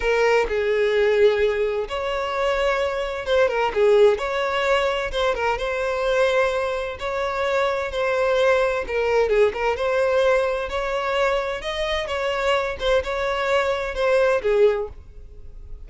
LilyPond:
\new Staff \with { instrumentName = "violin" } { \time 4/4 \tempo 4 = 129 ais'4 gis'2. | cis''2. c''8 ais'8 | gis'4 cis''2 c''8 ais'8 | c''2. cis''4~ |
cis''4 c''2 ais'4 | gis'8 ais'8 c''2 cis''4~ | cis''4 dis''4 cis''4. c''8 | cis''2 c''4 gis'4 | }